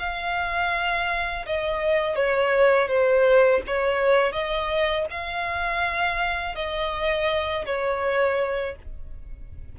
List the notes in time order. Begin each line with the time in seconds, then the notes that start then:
0.00 F5
1.46 D#5
2.16 C#5
2.89 C5
3.68 C#5
4.33 D#5
5.11 F5
6.56 D#5
7.66 C#5